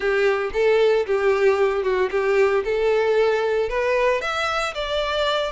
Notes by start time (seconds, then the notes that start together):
0.00 G4
0.53 A4
1.06 G4
1.83 F#4
2.11 G4
2.64 A4
3.69 B4
4.21 E5
4.74 D5